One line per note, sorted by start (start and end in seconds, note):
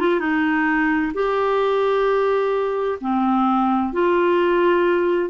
0.00 0.20 F4
0.20 1.12 D#4
1.14 2.98 G4
3.00 3.92 C4
3.92 5.30 F4